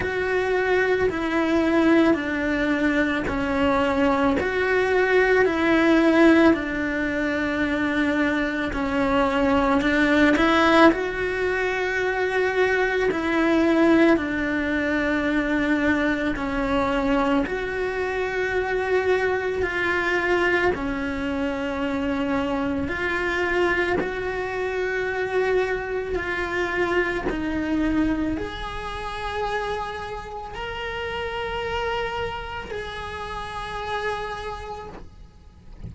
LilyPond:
\new Staff \with { instrumentName = "cello" } { \time 4/4 \tempo 4 = 55 fis'4 e'4 d'4 cis'4 | fis'4 e'4 d'2 | cis'4 d'8 e'8 fis'2 | e'4 d'2 cis'4 |
fis'2 f'4 cis'4~ | cis'4 f'4 fis'2 | f'4 dis'4 gis'2 | ais'2 gis'2 | }